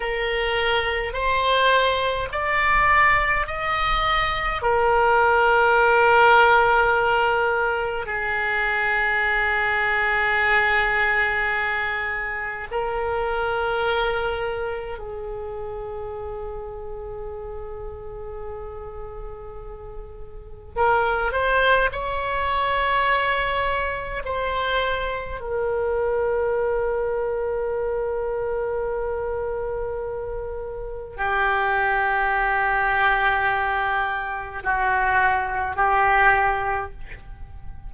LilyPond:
\new Staff \with { instrumentName = "oboe" } { \time 4/4 \tempo 4 = 52 ais'4 c''4 d''4 dis''4 | ais'2. gis'4~ | gis'2. ais'4~ | ais'4 gis'2.~ |
gis'2 ais'8 c''8 cis''4~ | cis''4 c''4 ais'2~ | ais'2. g'4~ | g'2 fis'4 g'4 | }